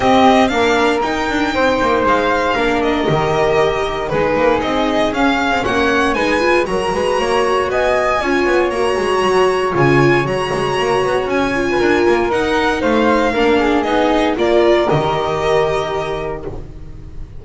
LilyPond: <<
  \new Staff \with { instrumentName = "violin" } { \time 4/4 \tempo 4 = 117 dis''4 f''4 g''2 | f''4. dis''2~ dis''8 | b'4 dis''4 f''4 fis''4 | gis''4 ais''2 gis''4~ |
gis''4 ais''2 gis''4 | ais''2 gis''2 | fis''4 f''2 dis''4 | d''4 dis''2. | }
  \new Staff \with { instrumentName = "flute" } { \time 4/4 g'4 ais'2 c''4~ | c''4 ais'2. | gis'2. cis''4 | b'4 ais'8 b'8 cis''4 dis''4 |
cis''1~ | cis''2~ cis''8. b'16 ais'4~ | ais'4 c''4 ais'8 gis'4. | ais'1 | }
  \new Staff \with { instrumentName = "viola" } { \time 4/4 c'4 d'4 dis'2~ | dis'4 d'4 g'2 | dis'2 cis'2 | dis'8 f'8 fis'2. |
f'4 fis'2 f'4 | fis'2~ fis'8 f'4. | dis'2 d'4 dis'4 | f'4 g'2. | }
  \new Staff \with { instrumentName = "double bass" } { \time 4/4 c'4 ais4 dis'8 d'8 c'8 ais8 | gis4 ais4 dis2 | gis8 ais8 c'4 cis'8. c'16 ais4 | gis4 fis8 gis8 ais4 b4 |
cis'8 b8 ais8 gis8 fis4 cis4 | fis8 gis8 ais8 b8 cis'4 d'8 ais8 | dis'4 a4 ais4 b4 | ais4 dis2. | }
>>